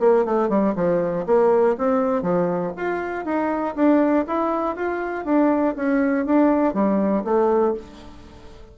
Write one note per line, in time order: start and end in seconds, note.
0.00 0.25 A#3
0.25 0.49 A3
0.49 0.74 G3
0.75 1.25 F3
1.26 1.76 A#3
1.78 2.23 C4
2.23 2.73 F3
2.77 3.25 F4
3.25 3.75 D#4
3.75 4.25 D4
4.27 4.76 E4
4.76 5.25 F4
5.25 5.75 D4
5.76 6.26 C#4
6.26 6.74 D4
6.74 7.24 G3
7.24 7.74 A3